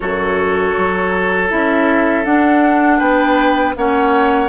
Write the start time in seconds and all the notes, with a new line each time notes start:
0.00 F#2 F#4 A4 C#5
0.77 F#3
1.49 C#4 E4 E5
2.24 D4 F#5
2.98 B3 B4 G5
3.75 A#3 C#4 C#5 F#5